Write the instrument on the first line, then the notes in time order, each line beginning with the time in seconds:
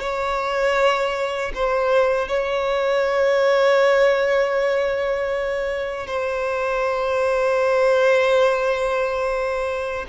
violin
0.00 C#5
1.54 C5
2.28 C#5
6.07 C5